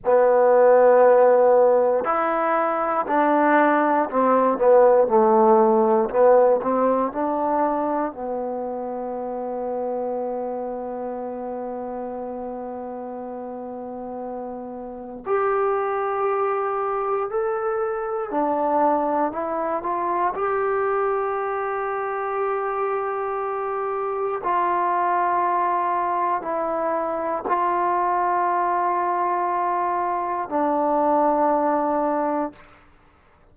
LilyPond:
\new Staff \with { instrumentName = "trombone" } { \time 4/4 \tempo 4 = 59 b2 e'4 d'4 | c'8 b8 a4 b8 c'8 d'4 | b1~ | b2. g'4~ |
g'4 a'4 d'4 e'8 f'8 | g'1 | f'2 e'4 f'4~ | f'2 d'2 | }